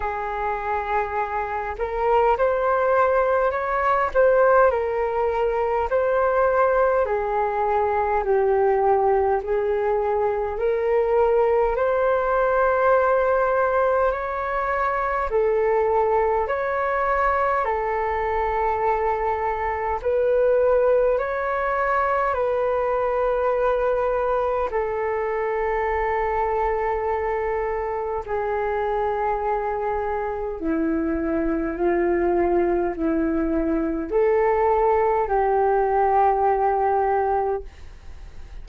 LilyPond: \new Staff \with { instrumentName = "flute" } { \time 4/4 \tempo 4 = 51 gis'4. ais'8 c''4 cis''8 c''8 | ais'4 c''4 gis'4 g'4 | gis'4 ais'4 c''2 | cis''4 a'4 cis''4 a'4~ |
a'4 b'4 cis''4 b'4~ | b'4 a'2. | gis'2 e'4 f'4 | e'4 a'4 g'2 | }